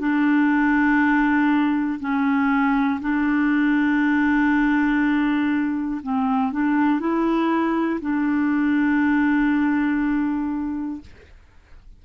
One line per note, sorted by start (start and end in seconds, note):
0.00 2.00 D4
2.00 3.00 C#4
3.02 6.02 D4
6.03 6.52 C4
6.52 7.00 D4
7.00 8.00 E4
8.02 11.02 D4